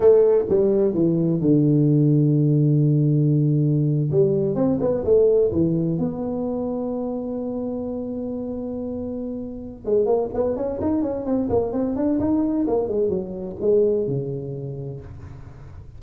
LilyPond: \new Staff \with { instrumentName = "tuba" } { \time 4/4 \tempo 4 = 128 a4 g4 e4 d4~ | d1~ | d8. g4 c'8 b8 a4 e16~ | e8. b2.~ b16~ |
b1~ | b4 gis8 ais8 b8 cis'8 dis'8 cis'8 | c'8 ais8 c'8 d'8 dis'4 ais8 gis8 | fis4 gis4 cis2 | }